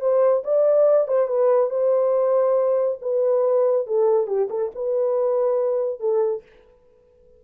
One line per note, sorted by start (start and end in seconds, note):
0.00 0.43 C5
0.44 1.08 D5
1.08 1.27 C5
1.27 1.70 B4
1.70 2.98 C5
3.01 3.87 B4
3.87 4.27 A4
4.27 4.48 G4
4.50 4.71 A4
4.75 5.99 B4
5.99 6.42 A4